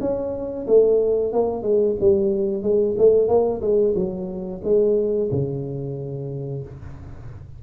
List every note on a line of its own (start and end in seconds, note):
0.00 0.66 C#4
0.67 1.33 A3
1.33 1.63 A#3
1.63 1.96 G#3
2.00 2.63 G3
2.63 2.96 G#3
2.98 3.28 A3
3.28 3.61 A#3
3.61 3.94 G#3
3.96 4.62 F#3
4.64 5.30 G#3
5.31 6.63 C#3